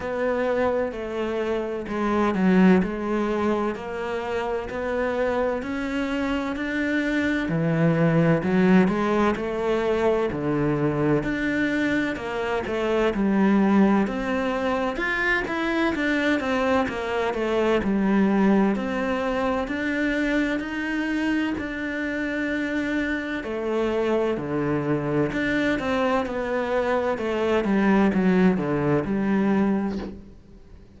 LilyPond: \new Staff \with { instrumentName = "cello" } { \time 4/4 \tempo 4 = 64 b4 a4 gis8 fis8 gis4 | ais4 b4 cis'4 d'4 | e4 fis8 gis8 a4 d4 | d'4 ais8 a8 g4 c'4 |
f'8 e'8 d'8 c'8 ais8 a8 g4 | c'4 d'4 dis'4 d'4~ | d'4 a4 d4 d'8 c'8 | b4 a8 g8 fis8 d8 g4 | }